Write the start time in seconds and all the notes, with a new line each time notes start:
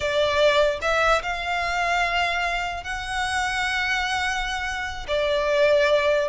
0.00 D5
0.81 E5
1.22 F5
2.83 F#5
5.07 D5